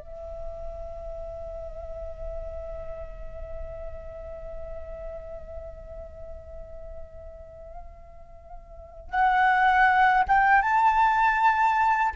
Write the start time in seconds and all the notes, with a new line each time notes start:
0.00 E5
9.11 F#5
10.29 G5
10.62 A5